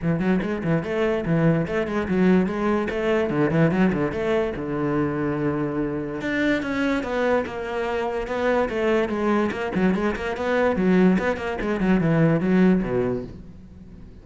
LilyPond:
\new Staff \with { instrumentName = "cello" } { \time 4/4 \tempo 4 = 145 e8 fis8 gis8 e8 a4 e4 | a8 gis8 fis4 gis4 a4 | d8 e8 fis8 d8 a4 d4~ | d2. d'4 |
cis'4 b4 ais2 | b4 a4 gis4 ais8 fis8 | gis8 ais8 b4 fis4 b8 ais8 | gis8 fis8 e4 fis4 b,4 | }